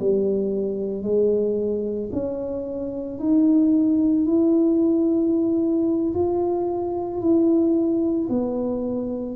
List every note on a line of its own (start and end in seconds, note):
0.00 1.03 G3
1.03 2.10 G#3
2.13 3.19 C#4
3.19 4.26 D#4
4.26 6.14 E4
6.14 7.21 F4
7.21 8.28 E4
8.29 9.36 B3